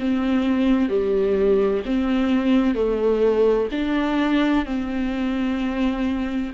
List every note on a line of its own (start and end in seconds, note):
0.00 0.89 C4
0.89 1.83 G3
1.86 2.75 C4
2.75 3.69 A3
3.72 4.66 D4
4.66 6.53 C4